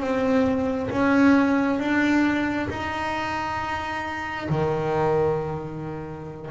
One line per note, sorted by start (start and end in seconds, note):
0.00 0.90 C4
0.90 1.79 C#4
1.79 2.69 D4
2.69 4.48 D#4
4.49 6.50 D#3